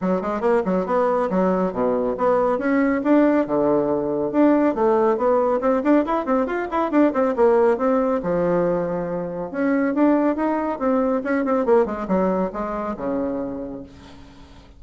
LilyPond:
\new Staff \with { instrumentName = "bassoon" } { \time 4/4 \tempo 4 = 139 fis8 gis8 ais8 fis8 b4 fis4 | b,4 b4 cis'4 d'4 | d2 d'4 a4 | b4 c'8 d'8 e'8 c'8 f'8 e'8 |
d'8 c'8 ais4 c'4 f4~ | f2 cis'4 d'4 | dis'4 c'4 cis'8 c'8 ais8 gis8 | fis4 gis4 cis2 | }